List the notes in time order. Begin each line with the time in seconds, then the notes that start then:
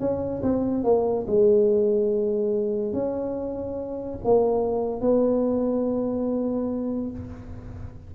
0.00 C#4
0.43 C4
0.84 A#3
1.27 G#3
2.93 C#4
4.24 A#3
5.01 B3